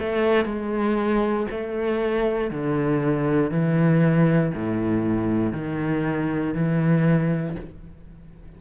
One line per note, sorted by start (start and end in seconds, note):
0.00 0.45 A3
0.45 1.47 G#3
1.51 2.51 A3
2.51 3.51 D3
3.51 4.53 E3
4.54 5.53 A2
5.53 6.55 D#3
6.55 7.56 E3